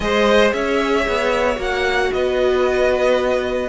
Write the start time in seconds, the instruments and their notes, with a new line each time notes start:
0.00 cello G#3, viola G#4, violin C5 D#5
0.53 cello C#4, violin C#5 E5
1.07 cello B3
1.55 cello A#3, viola F#4, violin F#5
2.12 cello B3, violin B4 D#5